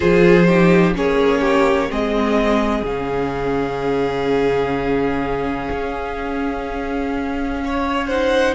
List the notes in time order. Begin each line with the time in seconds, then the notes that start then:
0.00 F3 F4 G#4 C5
0.47 D#4 G4
0.94 A#3 C#4 G#4 C#5
1.40 G4
1.89 G#3 C4 G#4 D#5
2.83 C#3 C#4 F5
5.70 C#4
7.64 C#5
8.06 D#4 C5 F#5